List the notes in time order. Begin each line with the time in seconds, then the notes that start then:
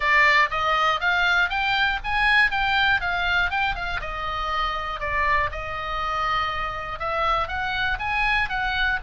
0.00 D5
0.50 D#5
1.00 F5
1.49 G5
2.03 G#5
2.50 G5
3.00 F5
3.50 G5
3.75 F5
4.00 D#5
5.00 D5
5.51 D#5
6.99 E5
7.47 F#5
7.99 G#5
8.49 F#5